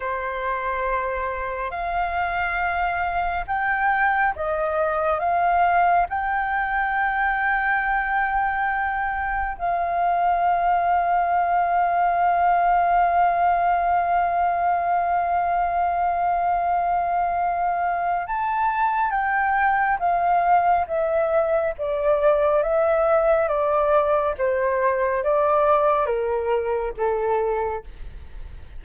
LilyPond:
\new Staff \with { instrumentName = "flute" } { \time 4/4 \tempo 4 = 69 c''2 f''2 | g''4 dis''4 f''4 g''4~ | g''2. f''4~ | f''1~ |
f''1~ | f''4 a''4 g''4 f''4 | e''4 d''4 e''4 d''4 | c''4 d''4 ais'4 a'4 | }